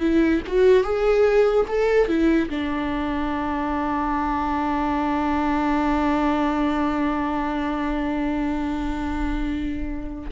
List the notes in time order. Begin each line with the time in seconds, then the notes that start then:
0.00 E4
0.47 F#4
0.83 G#4
1.68 A4
2.08 E4
2.50 D4